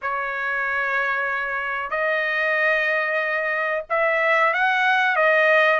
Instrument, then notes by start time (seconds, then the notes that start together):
trumpet
0.01 C#5
1.90 D#5
3.89 E5
4.53 F#5
5.16 D#5